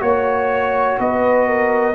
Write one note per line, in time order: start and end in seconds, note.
0.00 0.98 A#3
0.00 1.94 F#4
0.00 0.98 C#5
0.00 0.99 C#5
0.99 1.95 B3
0.99 1.47 B4
0.99 1.95 D#5
1.47 1.95 A#4